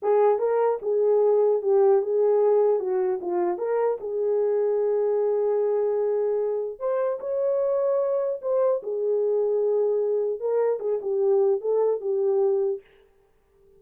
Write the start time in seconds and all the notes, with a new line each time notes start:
0.02 G#4
0.39 A#4
0.82 G#4
1.62 G4
2.02 G#4
2.79 F#4
3.21 F4
3.58 A#4
4.00 G#4
6.79 C5
7.20 C#5
8.41 C5
8.82 G#4
10.40 A#4
10.79 G#4
11.01 G4
11.60 A4
12.00 G4